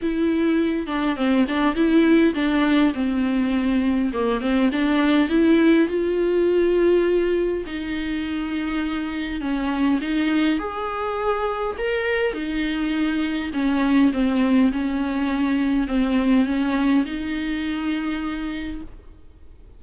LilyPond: \new Staff \with { instrumentName = "viola" } { \time 4/4 \tempo 4 = 102 e'4. d'8 c'8 d'8 e'4 | d'4 c'2 ais8 c'8 | d'4 e'4 f'2~ | f'4 dis'2. |
cis'4 dis'4 gis'2 | ais'4 dis'2 cis'4 | c'4 cis'2 c'4 | cis'4 dis'2. | }